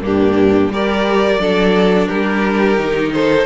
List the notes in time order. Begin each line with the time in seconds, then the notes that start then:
0.00 G2 A#3 D4 G4
0.68 G3 G4 A#4 D5
1.39 F#3 D4 A4
2.07 G3 G4 A#4
2.76 D#3 D#4
3.13 A4 C5